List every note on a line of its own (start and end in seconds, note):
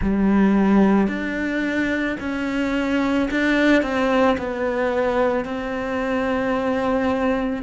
0.01 1.07 G3
1.07 2.16 D4
2.20 3.29 C#4
3.30 3.82 D4
3.82 4.36 C4
4.37 5.44 B3
5.44 7.62 C4